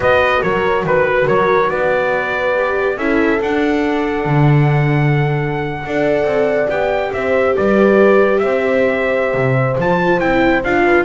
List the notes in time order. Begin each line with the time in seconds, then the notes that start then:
0.00 B3 F#4 B4 D#5
0.41 F#3 A#4 C#5
0.83 D#3 B4
1.26 F#3 A#4 C#5
1.68 B3 B4 D5
2.54 G4
2.96 C#4 E4 A4 E5
3.41 D4 F#5
4.25 D3
5.85 D4 A4 D5
6.24 C4
6.69 B3 G4 G5
7.12 C4 C5 E5
7.56 G3 B4 D5
8.38 C4 C5 E5
9.33 C3
9.78 F3 F4 A5
10.19 C4 E4 G5
10.63 D4 F4 F5
10.84 B4